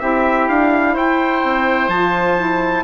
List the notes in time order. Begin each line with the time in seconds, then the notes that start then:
0.00 C4 E4 G4 E5
0.49 D4 F5
0.94 E4 C5 G5
1.44 C4
1.88 F3 F4 A5
2.37 E4